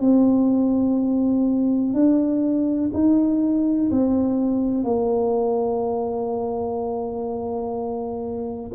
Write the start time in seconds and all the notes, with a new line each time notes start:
0.00 C4
1.94 D4
2.93 D#4
3.91 C4
4.84 A#3